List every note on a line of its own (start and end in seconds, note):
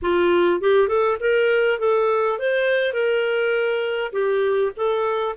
0.02 0.60 F4
0.60 0.87 G4
0.87 1.17 A4
1.19 1.79 A#4
1.79 2.38 A4
2.38 2.93 C5
2.93 4.12 A#4
4.12 4.71 G4
4.76 5.35 A4